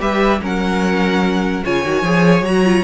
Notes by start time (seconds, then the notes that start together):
0.00 G3 G4 B4 E5
0.42 F#3 C#4 A#4 F#5
1.64 C#3 F4 C#5 G#5
1.84 D#3 F#4
2.02 F3 G#4
2.42 F#3 F#4 A#5
2.65 F4